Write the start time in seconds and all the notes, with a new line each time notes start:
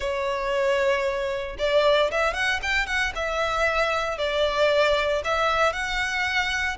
0.00 C#5
1.58 D5
2.11 E5
2.33 F#5
2.62 G5
2.86 F#5
3.15 E5
4.17 D5
5.24 E5
5.72 F#5